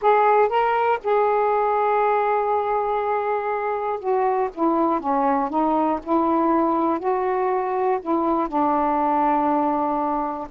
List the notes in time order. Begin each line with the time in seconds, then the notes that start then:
0.01 G#4
0.49 A#4
1.03 G#4
3.99 F#4
4.54 E4
5.00 C#4
5.49 D#4
6.02 E4
6.99 F#4
8.01 E4
8.48 D4